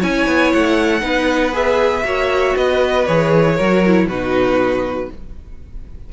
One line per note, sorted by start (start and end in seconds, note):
0.00 0.27 C#4
0.00 1.01 E4
0.00 1.02 C#5
0.00 0.53 G#5
0.27 0.53 B3
0.53 1.02 A3
0.53 1.55 F#5
1.01 2.04 B3
1.01 1.52 D#4
1.01 2.05 B4
1.52 2.03 G#4
1.52 2.57 E5
2.04 2.55 A#3
2.04 3.06 F#4
2.04 2.57 C#5
2.56 3.07 B3
2.56 3.56 B4
2.56 3.06 D#5
3.06 3.60 E3
3.06 3.59 G#4
3.06 4.08 C#5
3.56 4.07 F#3
3.56 3.86 F#4
3.56 4.07 A#4
3.86 4.11 E4
4.07 5.09 B2
4.07 5.13 D#4
4.07 5.10 F#4
4.07 5.11 B4